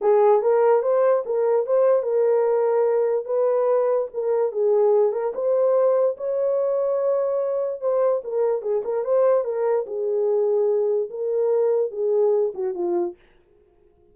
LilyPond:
\new Staff \with { instrumentName = "horn" } { \time 4/4 \tempo 4 = 146 gis'4 ais'4 c''4 ais'4 | c''4 ais'2. | b'2 ais'4 gis'4~ | gis'8 ais'8 c''2 cis''4~ |
cis''2. c''4 | ais'4 gis'8 ais'8 c''4 ais'4 | gis'2. ais'4~ | ais'4 gis'4. fis'8 f'4 | }